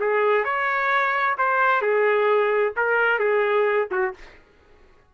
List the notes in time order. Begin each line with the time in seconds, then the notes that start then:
0.00 G#4
0.45 C#5
1.38 C5
1.81 G#4
2.76 A#4
3.19 G#4
3.91 F#4